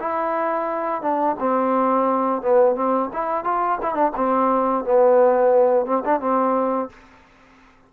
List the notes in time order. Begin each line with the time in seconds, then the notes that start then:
0.00 E4
1.02 D4
1.39 C4
2.42 B3
2.76 C4
3.13 E4
3.45 F4
3.82 E4
3.94 D4
4.16 C4
4.85 B3
5.86 C4
6.05 D4
6.21 C4